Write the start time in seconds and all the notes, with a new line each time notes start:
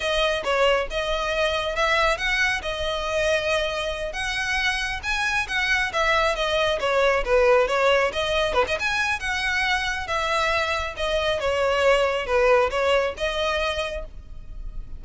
0.00 D#5
0.44 C#5
0.90 D#5
1.75 E5
2.17 F#5
2.62 D#5
4.12 F#5
5.03 G#5
5.48 F#5
5.92 E5
6.35 D#5
6.80 C#5
7.24 B4
7.67 C#5
8.12 D#5
8.53 B4
8.67 D#5
8.79 G#5
9.19 F#5
10.07 E5
10.96 D#5
11.39 C#5
12.26 B4
12.70 C#5
13.17 D#5